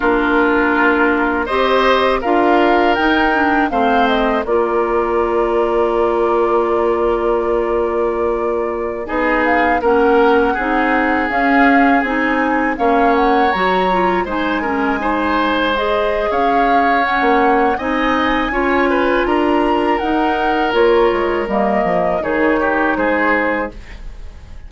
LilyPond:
<<
  \new Staff \with { instrumentName = "flute" } { \time 4/4 \tempo 4 = 81 ais'2 dis''4 f''4 | g''4 f''8 dis''8 d''2~ | d''1~ | d''16 dis''8 f''8 fis''2 f''8.~ |
f''16 gis''4 f''8 fis''8 ais''4 gis''8.~ | gis''4~ gis''16 dis''8. f''4 fis''4 | gis''2 ais''4 fis''4 | cis''4 dis''4 cis''4 c''4 | }
  \new Staff \with { instrumentName = "oboe" } { \time 4/4 f'2 c''4 ais'4~ | ais'4 c''4 ais'2~ | ais'1~ | ais'16 gis'4 ais'4 gis'4.~ gis'16~ |
gis'4~ gis'16 cis''2 c''8 ais'16~ | ais'16 c''4.~ c''16 cis''2 | dis''4 cis''8 b'8 ais'2~ | ais'2 gis'8 g'8 gis'4 | }
  \new Staff \with { instrumentName = "clarinet" } { \time 4/4 d'2 g'4 f'4 | dis'8 d'8 c'4 f'2~ | f'1~ | f'16 dis'4 cis'4 dis'4 cis'8.~ |
cis'16 dis'4 cis'4 fis'8 f'8 dis'8 cis'16~ | cis'16 dis'4 gis'4.~ gis'16 cis'4 | dis'4 f'2 dis'4 | f'4 ais4 dis'2 | }
  \new Staff \with { instrumentName = "bassoon" } { \time 4/4 ais2 c'4 d'4 | dis'4 a4 ais2~ | ais1~ | ais16 b4 ais4 c'4 cis'8.~ |
cis'16 c'4 ais4 fis4 gis8.~ | gis2 cis'4~ cis'16 ais8. | c'4 cis'4 d'4 dis'4 | ais8 gis8 g8 f8 dis4 gis4 | }
>>